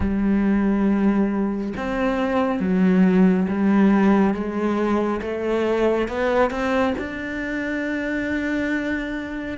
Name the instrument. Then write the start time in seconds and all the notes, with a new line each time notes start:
cello
0.00 G3
1.76 C4
2.60 F#3
3.48 G3
4.34 G#3
5.21 A3
6.08 B3
6.50 C4
6.98 D4